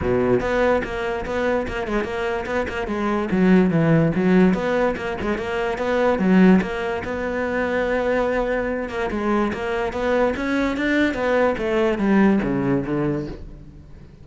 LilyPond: \new Staff \with { instrumentName = "cello" } { \time 4/4 \tempo 4 = 145 b,4 b4 ais4 b4 | ais8 gis8 ais4 b8 ais8 gis4 | fis4 e4 fis4 b4 | ais8 gis8 ais4 b4 fis4 |
ais4 b2.~ | b4. ais8 gis4 ais4 | b4 cis'4 d'4 b4 | a4 g4 cis4 d4 | }